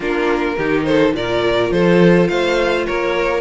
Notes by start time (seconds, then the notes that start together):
0.00 A#3 D4 F4 A#4
0.57 D#3 D#4 G4
0.84 A4 C5
1.13 A#2 F4 A#4 D5
1.70 F3 A4 C5
2.28 A3 C5 F5
2.86 A#3 A#4 C#5